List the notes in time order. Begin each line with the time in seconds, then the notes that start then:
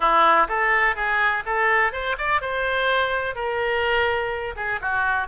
0.00 E4
0.48 A4
0.95 G#4
1.45 A4
1.92 C5
2.18 D5
2.41 C5
3.35 A#4
4.56 G#4
4.81 F#4